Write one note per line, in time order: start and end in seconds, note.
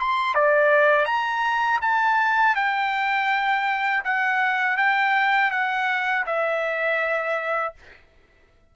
0.00 0.35 C6
0.35 1.06 D5
1.06 1.80 A#5
1.81 2.56 A5
2.56 4.04 G5
4.04 4.77 F#5
4.77 5.52 G5
5.52 6.26 F#5
6.27 7.75 E5